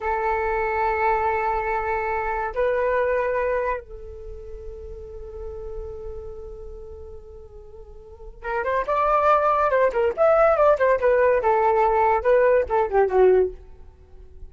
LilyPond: \new Staff \with { instrumentName = "flute" } { \time 4/4 \tempo 4 = 142 a'1~ | a'2 b'2~ | b'4 a'2.~ | a'1~ |
a'1 | ais'8 c''8 d''2 c''8 ais'8 | e''4 d''8 c''8 b'4 a'4~ | a'4 b'4 a'8 g'8 fis'4 | }